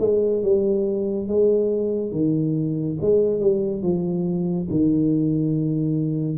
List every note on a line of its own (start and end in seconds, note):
0.00 0.43 G#3
0.43 1.28 G3
1.28 2.12 G#3
2.12 2.98 D#3
3.02 3.41 G#3
3.41 3.83 G3
3.83 4.68 F3
4.71 6.38 D#3